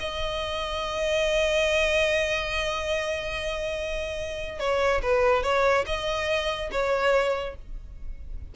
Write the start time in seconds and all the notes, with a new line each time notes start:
0.00 D#5
4.59 C#5
5.02 B4
5.43 C#5
5.86 D#5
6.71 C#5